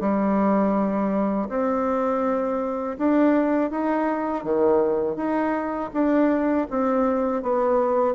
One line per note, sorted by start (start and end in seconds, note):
0.00 1.48 G3
1.48 2.97 C4
2.98 3.70 D4
3.70 4.44 D#4
4.44 5.16 D#3
5.16 5.90 D#4
5.93 6.67 D4
6.70 7.42 C4
7.42 8.14 B3